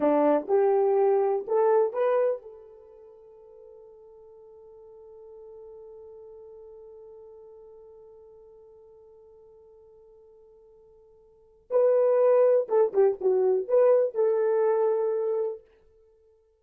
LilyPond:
\new Staff \with { instrumentName = "horn" } { \time 4/4 \tempo 4 = 123 d'4 g'2 a'4 | b'4 a'2.~ | a'1~ | a'1~ |
a'1~ | a'1 | b'2 a'8 g'8 fis'4 | b'4 a'2. | }